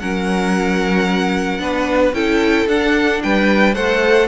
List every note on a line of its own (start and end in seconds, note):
0.00 1.59 F#3
0.00 1.60 C#4
0.00 1.62 A#4
0.00 2.14 F#5
1.59 2.13 B3
1.59 2.13 D4
1.59 2.15 B4
2.13 2.67 C#4
2.13 2.69 E4
2.13 3.23 A4
2.13 2.68 G5
2.67 3.21 D4
2.67 3.75 D4
2.67 3.23 F#5
3.23 3.76 G3
3.23 3.75 B4
3.23 3.75 G5
3.75 4.28 A3
3.75 4.28 A4
3.75 4.28 C5
3.75 4.28 F#5